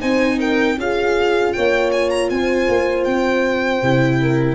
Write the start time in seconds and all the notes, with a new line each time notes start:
0.00 C4 D#4 C5 G#5
0.39 A#4 G5
0.78 C#4 F4 G#4 F5
1.52 A#3 C#5 G5
1.91 G#5
2.10 A#5
2.29 C4 C5 G#5
2.68 A#3
3.04 C4 G5
3.82 C3 E4
4.22 A#4